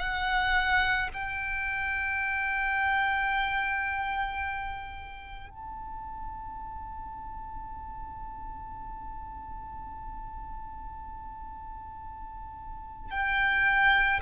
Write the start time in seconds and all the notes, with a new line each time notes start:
0.00 F#5
1.14 G5
5.50 A5
13.11 G5